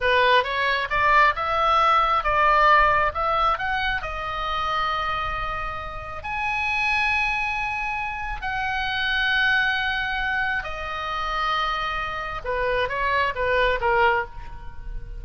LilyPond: \new Staff \with { instrumentName = "oboe" } { \time 4/4 \tempo 4 = 135 b'4 cis''4 d''4 e''4~ | e''4 d''2 e''4 | fis''4 dis''2.~ | dis''2 gis''2~ |
gis''2. fis''4~ | fis''1 | dis''1 | b'4 cis''4 b'4 ais'4 | }